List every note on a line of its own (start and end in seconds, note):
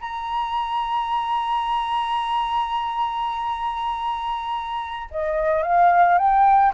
0.00 5.09 A#5
5.10 5.62 D#5
5.62 6.18 F5
6.18 6.73 G5